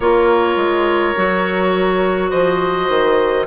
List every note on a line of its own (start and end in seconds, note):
0.00 0.56 A#3
0.00 1.15 F4
0.00 2.30 A#4
0.00 2.30 C#5
0.56 1.14 G#3
1.15 2.31 F#3
1.15 3.46 F#4
2.30 2.88 F3
2.30 3.45 C5
2.30 3.45 D#5
2.88 3.46 D#3